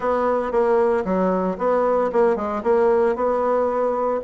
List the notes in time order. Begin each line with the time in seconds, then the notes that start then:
0.00 B3
0.51 A#3
1.04 F#3
1.58 B3
2.12 A#3
2.35 G#3
2.63 A#3
3.15 B3